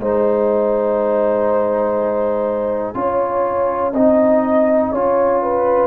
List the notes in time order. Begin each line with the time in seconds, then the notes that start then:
0.00 G#3 D#4 C5 G#5
2.94 C#4 F4 C#5
3.93 C4 D#4 D#5
4.92 C#4 F4 C#5
5.42 B4